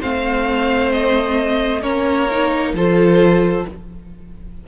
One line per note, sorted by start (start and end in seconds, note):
0.00 1.83 A3
0.00 1.82 C4
0.00 1.82 C5
0.00 0.92 F5
0.92 1.82 D#5
1.82 2.73 A#3
1.82 2.28 C#4
1.82 2.73 A#4
1.82 2.73 C#5
2.31 2.76 D#4
2.73 3.64 F3
2.73 3.67 F4
2.73 3.67 A4
2.73 3.67 C5